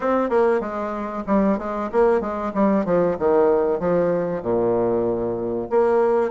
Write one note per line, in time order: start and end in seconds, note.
0.00 0.29 C4
0.29 0.60 A#3
0.60 1.23 G#3
1.26 1.58 G3
1.58 1.90 G#3
1.91 2.20 A#3
2.20 2.52 G#3
2.54 2.85 G3
2.85 3.16 F3
3.19 3.79 D#3
3.79 4.42 F3
4.42 5.68 A#2
5.70 6.31 A#3